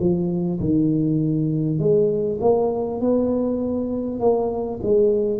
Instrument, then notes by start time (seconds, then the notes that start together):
tuba
0.00 F3
0.61 D#3
1.79 G#3
2.41 A#3
3.01 B3
4.19 A#3
4.83 G#3